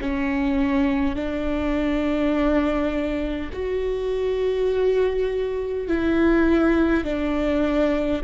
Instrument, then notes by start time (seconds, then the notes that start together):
viola
0.00 C#4
1.15 D4
3.52 F#4
5.88 E4
7.04 D4